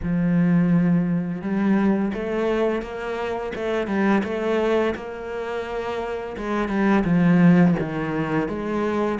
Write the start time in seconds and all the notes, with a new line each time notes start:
0.02 F3
1.41 G3
2.13 A3
2.81 A#3
3.55 A3
3.87 G3
4.24 A3
4.95 A#3
6.37 G#3
6.68 G3
7.04 F3
7.79 D#3
8.48 G#3